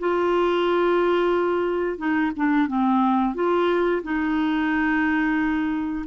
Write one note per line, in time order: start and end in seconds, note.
0.00 1.98 F4
1.98 2.32 D#4
2.37 2.68 D4
2.68 3.35 C4
3.35 4.02 F4
4.03 6.06 D#4